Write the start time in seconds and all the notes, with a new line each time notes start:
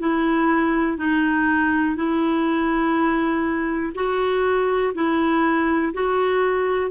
0.00 E4
0.98 D#4
1.96 E4
3.95 F#4
4.95 E4
5.94 F#4